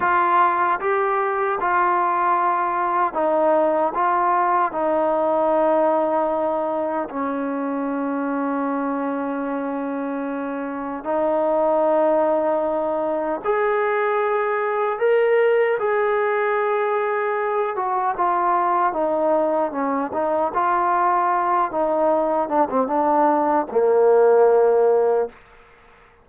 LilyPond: \new Staff \with { instrumentName = "trombone" } { \time 4/4 \tempo 4 = 76 f'4 g'4 f'2 | dis'4 f'4 dis'2~ | dis'4 cis'2.~ | cis'2 dis'2~ |
dis'4 gis'2 ais'4 | gis'2~ gis'8 fis'8 f'4 | dis'4 cis'8 dis'8 f'4. dis'8~ | dis'8 d'16 c'16 d'4 ais2 | }